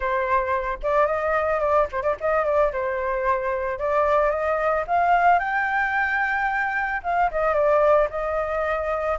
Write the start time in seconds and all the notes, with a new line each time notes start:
0.00 C5
0.82 D5
1.06 D#5
1.60 D5
1.92 C5
2.02 D5
2.20 D#5
2.44 D5
2.72 C5
3.78 D5
4.30 D#5
4.87 F5
5.39 G5
7.03 F5
7.31 D#5
7.54 D5
8.10 D#5